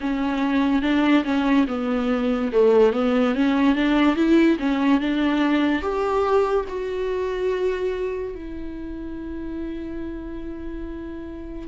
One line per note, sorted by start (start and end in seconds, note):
0.00 0.81 C#4
0.81 1.23 D4
1.24 1.66 C#4
1.67 2.51 B3
2.52 2.92 A3
2.92 3.34 B3
3.34 3.75 C#4
3.75 4.16 D4
4.16 4.57 E4
4.59 5.00 C#4
5.00 5.81 D4
5.81 6.65 G4
6.68 8.34 F#4
8.34 11.67 E4